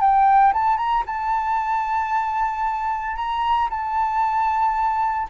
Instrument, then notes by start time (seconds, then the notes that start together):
flute
0.00 G5
0.53 A5
0.77 A#5
1.06 A5
3.16 A#5
3.70 A5